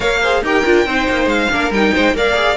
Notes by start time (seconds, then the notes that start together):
0.00 A#3 A#4 C#5 F5
0.21 G#4 C5
0.41 D#4 G4 A#4 G5
0.64 D4 F4
0.86 C4 D#4 C5
1.08 A#3
1.26 G#3 F5
1.51 A#3 D4 A#4
1.70 G3 D#4 G5
1.94 G#3 C5
2.13 A#3 A#4 D5 F5
2.34 G#4